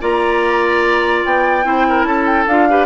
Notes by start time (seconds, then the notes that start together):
0.00 A#3 F4 D5 A#5
1.25 B3 G5
1.64 C4 E4 C5
1.88 A#4
2.04 C#4 A4 A5
2.26 G5
2.47 D4 F4 F5
2.70 G4 B4